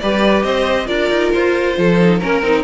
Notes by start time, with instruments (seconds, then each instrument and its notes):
0.00 cello G3, viola G4, violin B4 D5
0.43 cello C4, violin C5 D#5
0.86 cello D4, viola F4, violin A#4 D5
1.10 cello D#4
1.33 cello F4, violin C5
1.78 cello F3, violin A4
2.01 viola D#4
2.19 cello A#3, viola C#4, violin A#4
2.42 cello C4, viola D#4